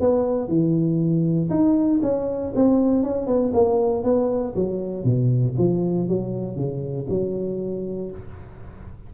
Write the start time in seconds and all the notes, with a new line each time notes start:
0.00 B3
0.48 E3
1.50 D#4
2.02 C#4
2.55 C4
3.03 C#4
3.27 B3
3.53 A#3
4.04 B3
4.55 F#3
5.04 B2
5.58 F3
6.08 F#3
6.56 C#3
7.09 F#3